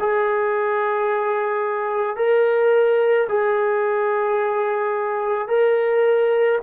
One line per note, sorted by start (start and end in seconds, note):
0.00 2.17 G#4
2.17 3.28 A#4
3.29 5.48 G#4
5.48 6.60 A#4